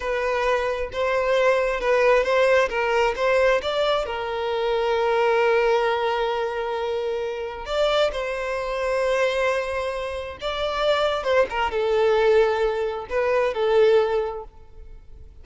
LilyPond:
\new Staff \with { instrumentName = "violin" } { \time 4/4 \tempo 4 = 133 b'2 c''2 | b'4 c''4 ais'4 c''4 | d''4 ais'2.~ | ais'1~ |
ais'4 d''4 c''2~ | c''2. d''4~ | d''4 c''8 ais'8 a'2~ | a'4 b'4 a'2 | }